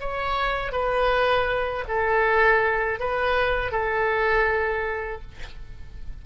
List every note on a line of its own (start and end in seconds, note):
0.00 0.72 C#5
0.72 1.84 B4
1.88 3.00 A4
3.00 3.72 B4
3.72 5.22 A4